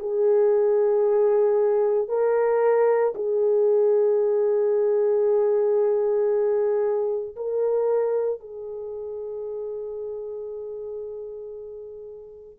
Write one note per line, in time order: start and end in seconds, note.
0.00 2.09 G#4
2.09 3.14 A#4
3.15 7.36 G#4
7.36 8.40 A#4
8.40 12.59 G#4